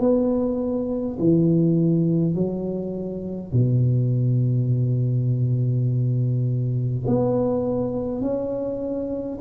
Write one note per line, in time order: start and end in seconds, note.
0.00 1.18 B3
1.19 2.35 E3
2.35 3.52 F#3
3.52 7.05 B2
7.07 8.21 B3
8.21 9.39 C#4